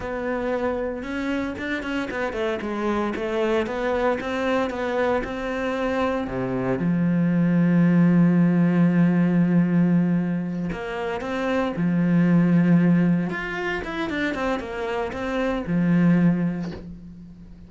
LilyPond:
\new Staff \with { instrumentName = "cello" } { \time 4/4 \tempo 4 = 115 b2 cis'4 d'8 cis'8 | b8 a8 gis4 a4 b4 | c'4 b4 c'2 | c4 f2.~ |
f1~ | f8 ais4 c'4 f4.~ | f4. f'4 e'8 d'8 c'8 | ais4 c'4 f2 | }